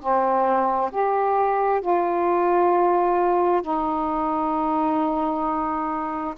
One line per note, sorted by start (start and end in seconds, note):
0.00 0.91 C4
0.92 1.81 G4
1.81 3.62 F4
3.62 6.35 D#4